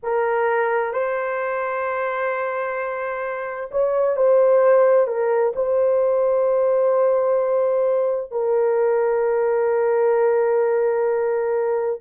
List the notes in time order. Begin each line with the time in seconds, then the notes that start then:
0.03 A#4
0.93 C5
3.71 C#5
4.16 C5
5.07 A#4
5.55 C5
8.31 A#4